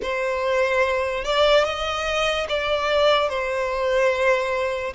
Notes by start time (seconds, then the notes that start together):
0.02 C5
1.24 D5
1.64 D#5
2.48 D5
3.29 C5